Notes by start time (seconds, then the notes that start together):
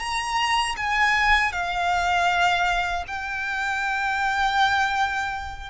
0.00 A#5
0.77 G#5
1.53 F5
3.08 G5